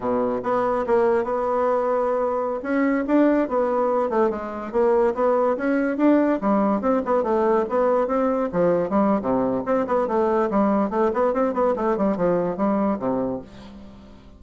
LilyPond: \new Staff \with { instrumentName = "bassoon" } { \time 4/4 \tempo 4 = 143 b,4 b4 ais4 b4~ | b2~ b16 cis'4 d'8.~ | d'16 b4. a8 gis4 ais8.~ | ais16 b4 cis'4 d'4 g8.~ |
g16 c'8 b8 a4 b4 c'8.~ | c'16 f4 g8. c4 c'8 b8 | a4 g4 a8 b8 c'8 b8 | a8 g8 f4 g4 c4 | }